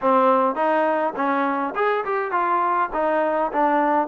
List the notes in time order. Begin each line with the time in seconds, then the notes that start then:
0.01 C4
0.55 D#4
1.15 C#4
1.75 G#4
2.04 G4
2.31 F4
2.93 D#4
3.52 D4